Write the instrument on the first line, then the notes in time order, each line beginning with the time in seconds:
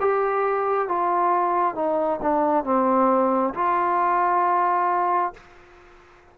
trombone
0.00 G4
0.88 F4
1.75 D#4
2.21 D4
2.64 C4
3.54 F4